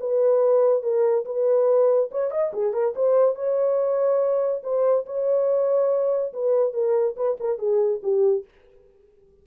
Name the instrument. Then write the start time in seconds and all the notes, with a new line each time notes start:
horn
0.00 B4
0.83 A#4
1.25 B4
2.11 C#5
2.31 D#5
2.53 G#4
2.73 A#4
2.96 C5
3.35 C#5
4.63 C5
5.06 C#5
6.33 B4
6.73 A#4
7.16 B4
7.40 A#4
7.59 G#4
8.03 G4